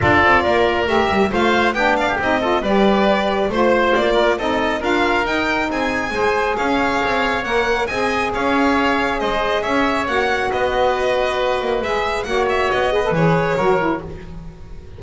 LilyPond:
<<
  \new Staff \with { instrumentName = "violin" } { \time 4/4 \tempo 4 = 137 d''2 e''4 f''4 | g''8 f''8 dis''4 d''2 | c''4 d''4 dis''4 f''4 | g''4 gis''2 f''4~ |
f''4 fis''4 gis''4 f''4~ | f''4 dis''4 e''4 fis''4 | dis''2. e''4 | fis''8 e''8 dis''4 cis''2 | }
  \new Staff \with { instrumentName = "oboe" } { \time 4/4 a'4 ais'2 c''4 | g'8 d''16 g'8. a'8 b'2 | c''4. ais'8 a'4 ais'4~ | ais'4 gis'4 c''4 cis''4~ |
cis''2 dis''4 cis''4~ | cis''4 c''4 cis''2 | b'1 | cis''4. b'4. ais'4 | }
  \new Staff \with { instrumentName = "saxophone" } { \time 4/4 f'2 g'4 f'4 | d'4 dis'8 f'8 g'2 | f'2 dis'4 f'4 | dis'2 gis'2~ |
gis'4 ais'4 gis'2~ | gis'2. fis'4~ | fis'2. gis'4 | fis'4. gis'16 a'16 gis'4 fis'8 e'8 | }
  \new Staff \with { instrumentName = "double bass" } { \time 4/4 d'8 c'8 ais4 a8 g8 a4 | b4 c'4 g2 | a4 ais4 c'4 d'4 | dis'4 c'4 gis4 cis'4 |
c'4 ais4 c'4 cis'4~ | cis'4 gis4 cis'4 ais4 | b2~ b8 ais8 gis4 | ais4 b4 e4 fis4 | }
>>